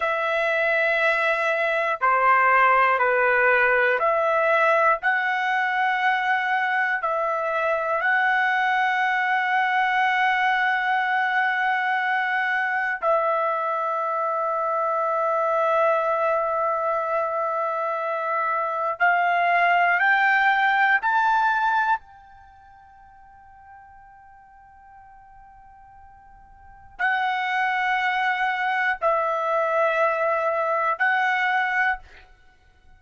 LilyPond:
\new Staff \with { instrumentName = "trumpet" } { \time 4/4 \tempo 4 = 60 e''2 c''4 b'4 | e''4 fis''2 e''4 | fis''1~ | fis''4 e''2.~ |
e''2. f''4 | g''4 a''4 g''2~ | g''2. fis''4~ | fis''4 e''2 fis''4 | }